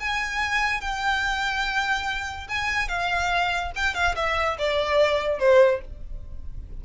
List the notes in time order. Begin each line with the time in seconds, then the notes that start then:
0.00 G#5
0.81 G5
2.49 G#5
2.89 F5
3.76 G5
3.95 F5
4.16 E5
4.59 D5
5.40 C5